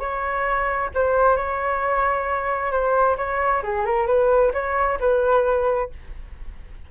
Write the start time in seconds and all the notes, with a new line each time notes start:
0.00 C#5
0.95 C5
1.37 C#5
2.72 C5
3.18 C#5
3.63 G#4
3.86 A#4
4.07 B4
4.54 C#5
5.00 B4